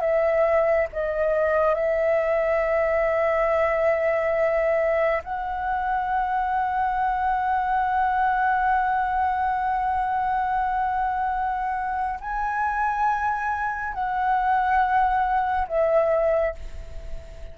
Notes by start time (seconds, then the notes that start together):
0.00 E5
0.93 D#5
1.75 E5
5.24 F#5
12.21 G#5
13.94 F#5
15.68 E5